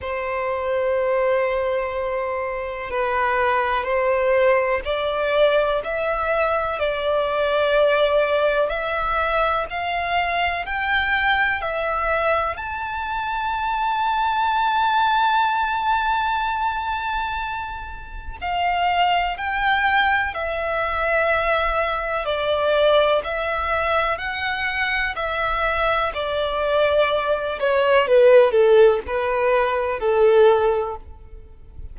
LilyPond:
\new Staff \with { instrumentName = "violin" } { \time 4/4 \tempo 4 = 62 c''2. b'4 | c''4 d''4 e''4 d''4~ | d''4 e''4 f''4 g''4 | e''4 a''2.~ |
a''2. f''4 | g''4 e''2 d''4 | e''4 fis''4 e''4 d''4~ | d''8 cis''8 b'8 a'8 b'4 a'4 | }